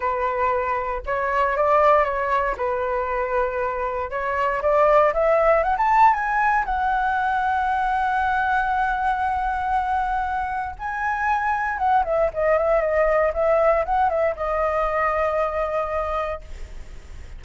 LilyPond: \new Staff \with { instrumentName = "flute" } { \time 4/4 \tempo 4 = 117 b'2 cis''4 d''4 | cis''4 b'2. | cis''4 d''4 e''4 fis''16 a''8. | gis''4 fis''2.~ |
fis''1~ | fis''4 gis''2 fis''8 e''8 | dis''8 e''8 dis''4 e''4 fis''8 e''8 | dis''1 | }